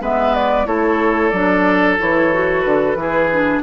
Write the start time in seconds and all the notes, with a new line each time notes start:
0.00 G#3 B3 B4 E5
0.34 D5
0.66 A3 E4 A4 C#5
1.29 F#3 D4 D5
1.98 E3 E4 C#5
2.32 F#4
2.61 D3 B4
2.95 E3 E4 G#4
3.32 D4